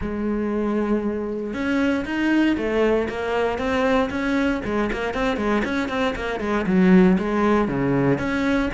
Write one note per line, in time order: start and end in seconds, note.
0.01 1.53 G#3
1.53 2.04 C#4
2.05 2.56 D#4
2.57 3.08 A3
3.09 3.58 A#3
3.58 4.09 C4
4.10 4.61 C#4
4.64 4.90 G#3
4.92 5.14 A#3
5.14 5.36 C4
5.36 5.62 G#3
5.64 5.88 C#4
5.88 6.14 C4
6.15 6.39 A#3
6.39 6.65 G#3
6.66 7.17 F#3
7.18 7.68 G#3
7.68 8.18 C#3
8.18 8.69 C#4